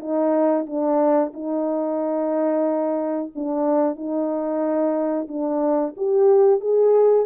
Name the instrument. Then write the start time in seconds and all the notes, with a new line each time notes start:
horn
0.00 D#4
0.67 D4
1.34 D#4
3.35 D4
3.96 D#4
5.28 D4
5.97 G4
6.61 G#4